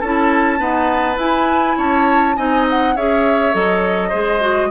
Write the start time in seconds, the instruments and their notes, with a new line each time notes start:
0.00 bassoon C#4, clarinet E4, oboe A4, flute A5
0.58 clarinet B3, bassoon D#4, oboe B4
1.17 bassoon E4, clarinet E4, flute G#5
1.77 bassoon C#4, oboe C#5, flute A5
2.36 bassoon C4, clarinet D#4, oboe D#5, flute G#5
2.69 flute F#5
2.95 bassoon C#4, clarinet G#4, oboe C#5, flute E5
3.52 bassoon F#3, clarinet A4, flute D#5
4.09 bassoon G#3, clarinet G#4, oboe C5
4.40 clarinet F#4